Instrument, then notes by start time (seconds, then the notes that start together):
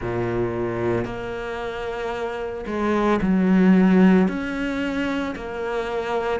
cello
0.00 A#2
1.04 A#3
2.66 G#3
3.21 F#3
4.28 C#4
5.35 A#3